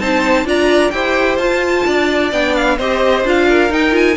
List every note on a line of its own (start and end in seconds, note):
0.00 0.45 C4
0.00 0.45 D#4
0.00 0.47 C5
0.00 0.47 A5
0.45 0.92 D4
0.45 0.92 F4
0.45 0.94 D5
0.45 0.91 A#5
0.91 1.38 E4
0.91 1.41 G4
0.91 1.87 C5
0.91 1.38 G5
1.38 1.84 F4
1.38 2.33 F4
1.38 2.31 A5
1.87 2.33 D4
1.87 2.78 D5
2.33 2.79 B3
2.33 2.79 D4
2.33 2.56 G5
2.56 2.79 F5
2.78 3.24 C4
2.78 3.26 G4
2.78 3.47 C5
2.78 3.26 D#5
3.24 3.70 D4
3.24 3.70 F4
3.24 3.73 F5
3.49 4.17 A#4
3.70 3.92 D#4
3.70 4.17 D#4
3.70 3.96 G5
3.92 4.15 F4
3.92 4.17 G#5